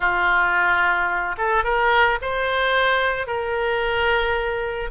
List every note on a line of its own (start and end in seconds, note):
0.00 1.36 F4
1.37 1.64 A4
1.64 2.18 A#4
2.21 3.26 C5
3.26 4.90 A#4